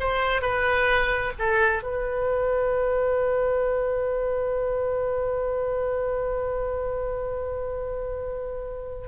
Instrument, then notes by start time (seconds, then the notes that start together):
oboe
0.00 C5
0.42 B4
1.39 A4
1.83 B4